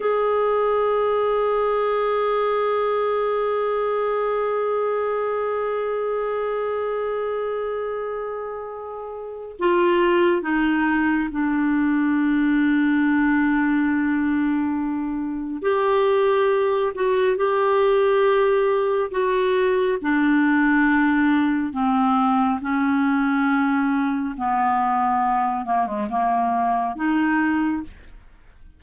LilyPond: \new Staff \with { instrumentName = "clarinet" } { \time 4/4 \tempo 4 = 69 gis'1~ | gis'1~ | gis'2. f'4 | dis'4 d'2.~ |
d'2 g'4. fis'8 | g'2 fis'4 d'4~ | d'4 c'4 cis'2 | b4. ais16 gis16 ais4 dis'4 | }